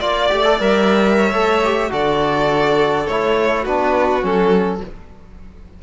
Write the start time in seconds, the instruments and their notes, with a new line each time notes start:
0.00 cello A#3, trombone F4, violin D5
0.30 cello A3, trombone G4
0.45 trombone A4
0.60 cello G3, trombone A#4, violin E5
1.17 violin C#5
1.33 cello A3, trombone A4
1.64 trombone G4
1.90 cello D3, trombone F#4, violin A4 D5
3.07 cello A3, trombone E4, violin C#5
3.62 cello B3, trombone D4, violin F#4 B4
4.21 cello F#3, trombone C#4, violin A4